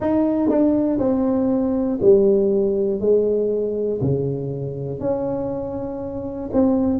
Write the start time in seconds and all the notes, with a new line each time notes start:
0.00 D#4
0.49 D4
0.99 C4
2.00 G3
3.00 G#3
4.00 C#3
5.00 C#4
6.53 C4